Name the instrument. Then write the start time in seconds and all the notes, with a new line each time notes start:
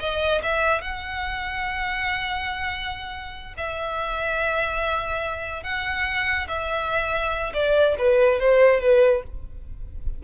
violin
0.00 D#5
0.43 E5
0.81 F#5
3.58 E5
5.64 F#5
6.48 E5
7.54 D5
7.99 B4
8.40 C5
8.81 B4